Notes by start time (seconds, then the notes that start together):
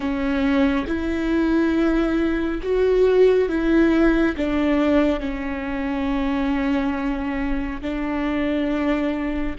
0.00 C#4
0.87 E4
2.62 F#4
3.48 E4
4.37 D4
5.20 C#4
7.81 D4